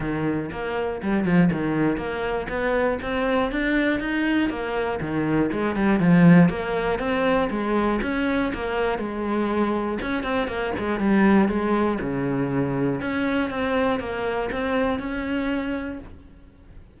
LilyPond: \new Staff \with { instrumentName = "cello" } { \time 4/4 \tempo 4 = 120 dis4 ais4 g8 f8 dis4 | ais4 b4 c'4 d'4 | dis'4 ais4 dis4 gis8 g8 | f4 ais4 c'4 gis4 |
cis'4 ais4 gis2 | cis'8 c'8 ais8 gis8 g4 gis4 | cis2 cis'4 c'4 | ais4 c'4 cis'2 | }